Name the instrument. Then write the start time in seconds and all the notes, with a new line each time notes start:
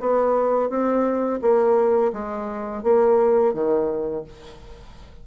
bassoon
0.00 B3
0.70 C4
1.41 A#3
2.13 G#3
2.83 A#3
3.54 D#3